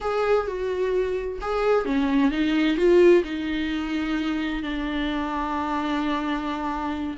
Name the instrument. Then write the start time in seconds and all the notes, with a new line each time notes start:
viola
0.00 G#4
0.47 F#4
1.41 G#4
1.85 C#4
2.31 D#4
2.77 F4
3.24 D#4
4.62 D4